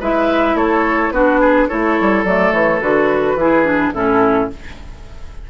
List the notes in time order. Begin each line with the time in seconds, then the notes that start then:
0.00 G#3 E4 B4 E5
0.54 A3 A4 C#5
1.11 B3 D4 F#4 B4
1.40 G#4
1.68 A3 E4 A4 C#5
2.01 G3
2.25 F#3 A3 D5
2.52 E3 C#5
2.81 D3 F#4 B4
3.35 E3 E4 G#4
3.65 D4
3.94 A2 C#4 E4 A4